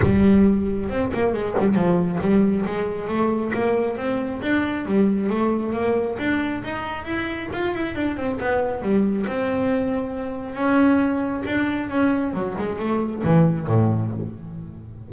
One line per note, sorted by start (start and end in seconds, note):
0.02 0.89 G3
0.89 1.11 C4
1.13 1.33 A#3
1.33 1.55 G#3
1.58 1.74 G3
1.74 2.18 F3
2.21 2.65 G3
2.66 3.08 G#3
3.08 3.52 A3
3.53 3.97 A#3
3.97 4.41 C4
4.41 4.85 D4
4.85 5.29 G3
5.29 5.73 A3
5.73 6.17 A#3
6.18 6.63 D4
6.63 7.04 D#4
7.04 7.48 E4
7.52 7.74 F4
7.74 7.95 E4
7.95 8.16 D4
8.16 8.38 C4
8.39 8.81 B3
8.81 9.25 G3
9.26 10.54 C4
10.54 11.43 C#4
11.45 11.89 D4
11.89 12.33 C#4
12.33 12.55 F#3
12.58 12.78 G#3
12.78 13.23 A3
13.24 13.67 E3
13.67 14.11 A2